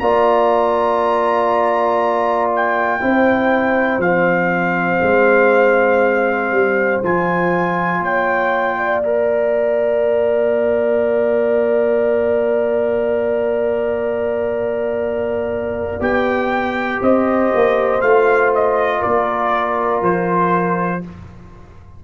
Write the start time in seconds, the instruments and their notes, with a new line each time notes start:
0.00 tuba A#3, trombone F4, horn D5, trumpet A#5
2.56 trumpet G5
3.01 tuba C4, trombone E4, horn C5
3.98 tuba F3, trombone C4, trumpet F5
5.03 tuba G#3
6.51 tuba G3
7.03 tuba F3, trombone F4, trumpet G#5
7.99 tuba A#3, horn C#5, trumpet G5
8.78 horn D5
9.03 trombone A#4, trumpet F5
16.00 tuba B3, trombone G4, trumpet G5
17.01 tuba C4, horn C5, trumpet D#5
17.55 tuba A#3
18.02 tuba A3, trombone F4, trumpet F5
18.55 trumpet D#5
18.99 horn A#4, trumpet D5
19.05 tuba A#3
20.02 tuba F3, trumpet C5